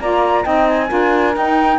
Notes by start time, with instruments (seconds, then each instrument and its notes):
0.00 cello A#3, saxophone F4 D5, flute A#5
0.44 cello C4, saxophone D#4 D#5, flute G5
0.68 flute G#5
0.88 cello D4, saxophone F4 A#4
1.35 saxophone D#4, cello D#4, flute G5